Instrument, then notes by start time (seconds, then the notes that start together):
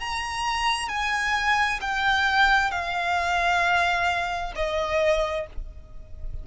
violin
0.00 A#5
0.89 G#5
1.81 G5
2.71 F5
4.56 D#5